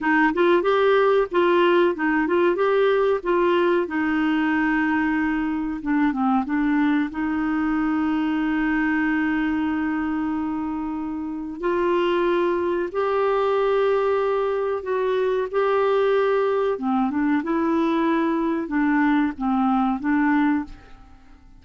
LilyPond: \new Staff \with { instrumentName = "clarinet" } { \time 4/4 \tempo 4 = 93 dis'8 f'8 g'4 f'4 dis'8 f'8 | g'4 f'4 dis'2~ | dis'4 d'8 c'8 d'4 dis'4~ | dis'1~ |
dis'2 f'2 | g'2. fis'4 | g'2 c'8 d'8 e'4~ | e'4 d'4 c'4 d'4 | }